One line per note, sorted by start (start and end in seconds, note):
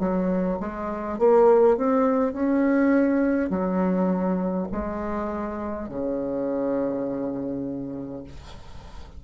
0.00 0.59 F#3
0.60 1.19 G#3
1.19 1.78 A#3
1.78 2.33 C4
2.33 3.50 C#4
3.50 4.68 F#3
4.72 5.89 G#3
5.89 8.25 C#3